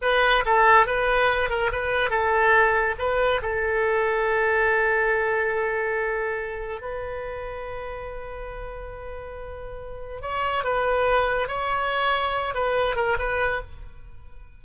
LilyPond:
\new Staff \with { instrumentName = "oboe" } { \time 4/4 \tempo 4 = 141 b'4 a'4 b'4. ais'8 | b'4 a'2 b'4 | a'1~ | a'1 |
b'1~ | b'1 | cis''4 b'2 cis''4~ | cis''4. b'4 ais'8 b'4 | }